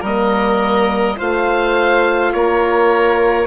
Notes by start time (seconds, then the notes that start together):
0.00 G3 A#4 D#5
0.06 A#3
1.16 A3 F4 C5 F5
2.32 A#3 A#4 C#5